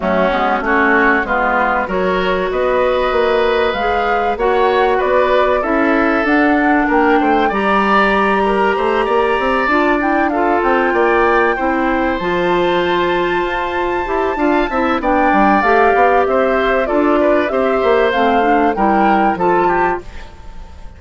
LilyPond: <<
  \new Staff \with { instrumentName = "flute" } { \time 4/4 \tempo 4 = 96 fis'4 cis''4 b'4 cis''4 | dis''2 f''4 fis''4 | d''4 e''4 fis''4 g''4 | ais''2.~ ais''8 a''8 |
g''8 f''8 g''2~ g''8 a''8~ | a''1 | g''4 f''4 e''4 d''4 | e''4 f''4 g''4 a''4 | }
  \new Staff \with { instrumentName = "oboe" } { \time 4/4 cis'4 fis'4 f'4 ais'4 | b'2. cis''4 | b'4 a'2 ais'8 c''8 | d''4. ais'8 c''8 d''4.~ |
d''8 a'4 d''4 c''4.~ | c''2. f''8 e''8 | d''2 c''4 a'8 b'8 | c''2 ais'4 a'8 g'8 | }
  \new Staff \with { instrumentName = "clarinet" } { \time 4/4 a8 b8 cis'4 b4 fis'4~ | fis'2 gis'4 fis'4~ | fis'4 e'4 d'2 | g'2.~ g'8 f'8 |
e'8 f'2 e'4 f'8~ | f'2~ f'8 g'8 f'8 e'8 | d'4 g'2 f'4 | g'4 c'8 d'8 e'4 f'4 | }
  \new Staff \with { instrumentName = "bassoon" } { \time 4/4 fis8 gis8 a4 gis4 fis4 | b4 ais4 gis4 ais4 | b4 cis'4 d'4 ais8 a8 | g2 a8 ais8 c'8 d'8~ |
d'4 c'8 ais4 c'4 f8~ | f4. f'4 e'8 d'8 c'8 | b8 g8 a8 b8 c'4 d'4 | c'8 ais8 a4 g4 f4 | }
>>